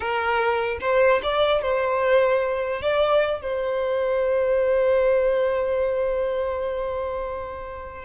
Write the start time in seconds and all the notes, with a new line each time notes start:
0.00 A#4
0.81 C5
1.22 D5
1.61 C5
2.81 D5
3.41 C5